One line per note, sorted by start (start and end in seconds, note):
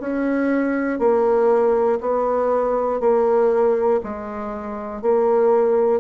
0.00 0.99 C#4
0.99 1.99 A#3
2.00 3.00 B3
3.00 4.00 A#3
4.04 5.02 G#3
5.02 6.00 A#3